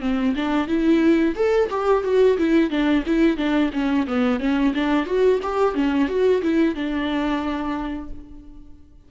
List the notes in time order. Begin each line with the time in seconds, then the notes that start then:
0.00 C4
0.36 D4
0.67 E4
1.35 A4
1.70 G4
2.03 F#4
2.37 E4
2.70 D4
3.06 E4
3.37 D4
3.73 C#4
4.07 B3
4.39 C#4
4.74 D4
5.06 F#4
5.43 G4
5.75 C#4
6.08 F#4
6.42 E4
6.75 D4